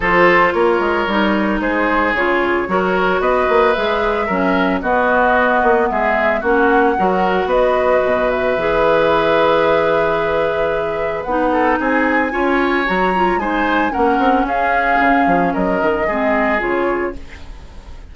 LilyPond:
<<
  \new Staff \with { instrumentName = "flute" } { \time 4/4 \tempo 4 = 112 c''4 cis''2 c''4 | cis''2 dis''4 e''4~ | e''4 dis''2 e''4 | fis''2 dis''4. e''8~ |
e''1~ | e''4 fis''4 gis''2 | ais''4 gis''4 fis''4 f''4~ | f''4 dis''2 cis''4 | }
  \new Staff \with { instrumentName = "oboe" } { \time 4/4 a'4 ais'2 gis'4~ | gis'4 ais'4 b'2 | ais'4 fis'2 gis'4 | fis'4 ais'4 b'2~ |
b'1~ | b'4. a'8 gis'4 cis''4~ | cis''4 c''4 ais'4 gis'4~ | gis'4 ais'4 gis'2 | }
  \new Staff \with { instrumentName = "clarinet" } { \time 4/4 f'2 dis'2 | f'4 fis'2 gis'4 | cis'4 b2. | cis'4 fis'2. |
gis'1~ | gis'4 dis'2 f'4 | fis'8 f'8 dis'4 cis'2~ | cis'2 c'4 f'4 | }
  \new Staff \with { instrumentName = "bassoon" } { \time 4/4 f4 ais8 gis8 g4 gis4 | cis4 fis4 b8 ais8 gis4 | fis4 b4. ais8 gis4 | ais4 fis4 b4 b,4 |
e1~ | e4 b4 c'4 cis'4 | fis4 gis4 ais8 c'8 cis'4 | cis8 f8 fis8 dis8 gis4 cis4 | }
>>